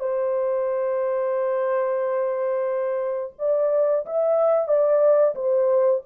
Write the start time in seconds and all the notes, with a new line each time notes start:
0.00 C5
3.39 D5
4.06 E5
4.68 D5
5.35 C5